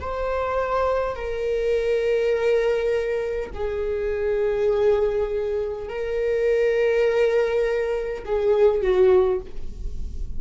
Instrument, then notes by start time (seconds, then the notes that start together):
viola
0.00 C5
1.15 A#4
3.53 G#4
5.89 A#4
8.25 G#4
8.82 F#4